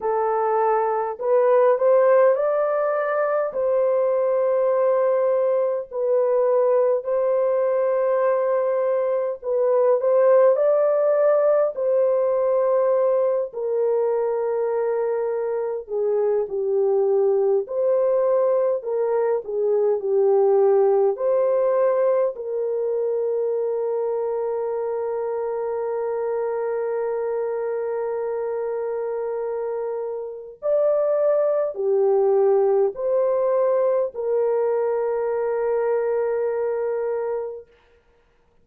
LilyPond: \new Staff \with { instrumentName = "horn" } { \time 4/4 \tempo 4 = 51 a'4 b'8 c''8 d''4 c''4~ | c''4 b'4 c''2 | b'8 c''8 d''4 c''4. ais'8~ | ais'4. gis'8 g'4 c''4 |
ais'8 gis'8 g'4 c''4 ais'4~ | ais'1~ | ais'2 d''4 g'4 | c''4 ais'2. | }